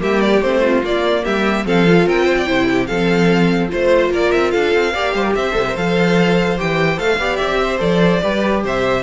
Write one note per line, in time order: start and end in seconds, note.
0.00 0.42 G3
0.00 0.41 A#3
0.00 0.61 G4
0.00 0.21 E5
0.21 0.42 D5
0.42 0.83 A3
0.42 0.84 C4
0.42 0.83 C5
0.61 1.23 F4
0.84 1.25 A#3
0.84 1.66 A#3
0.84 1.25 D5
1.24 1.65 G3
1.24 1.66 G4
1.24 1.66 E5
1.65 2.07 F3
1.65 1.86 C4
1.65 2.07 A4
1.65 2.09 F5
1.86 2.46 F4
2.07 2.48 C4
2.07 2.25 A#4
2.07 2.87 G5
2.25 2.35 C5
2.38 2.47 D5
2.46 2.90 C3
2.46 2.87 E4
2.46 2.68 C5
2.71 2.89 G4
2.87 3.72 F3
2.87 3.69 C4
2.87 3.71 A4
2.87 3.69 F5
3.69 4.11 A3
3.69 4.92 F4
3.69 4.13 C5
3.69 4.11 C5
4.11 4.31 A#3
4.11 4.52 A#4
4.11 4.32 D5
4.32 4.55 C4
4.32 4.51 E5
4.51 4.75 D4
4.51 4.93 A4
4.51 5.33 F5
4.75 4.95 C4
4.93 5.15 A#3
4.93 5.52 G4
4.93 5.14 D5
5.15 5.35 G3
5.15 5.23 C5
5.23 5.34 A#4
5.36 5.55 C4
5.36 7.20 C5
5.36 5.76 E5
5.52 5.76 C3
5.52 5.63 A4
5.68 5.76 A#4
5.76 6.59 F3
5.76 6.58 A4
5.76 6.59 F5
6.58 6.99 E3
6.58 6.98 G4
6.58 6.99 G5
6.98 7.19 A3
6.98 7.18 A4
6.98 7.37 F5
7.19 7.39 B3
7.19 7.79 G4
7.19 7.61 D5
7.37 7.81 C4
7.37 7.78 E5
7.62 8.23 C5
7.79 8.22 F3
7.79 8.20 A4
7.79 8.63 D5
8.22 8.65 G3
8.22 9.03 G4
8.22 8.64 B4
8.64 9.03 C3
8.64 9.03 C5
8.64 9.03 E5